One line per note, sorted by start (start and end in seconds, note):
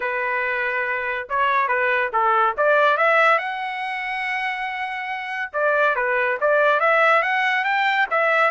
0.00 1.28 B4
1.29 1.68 C#5
1.68 2.10 B4
2.13 2.55 A4
2.57 2.97 D5
2.97 3.38 E5
3.38 5.51 F#5
5.52 5.95 D5
5.95 6.38 B4
6.40 6.80 D5
6.80 7.22 E5
7.22 7.64 F#5
7.64 8.06 G5
8.10 8.50 E5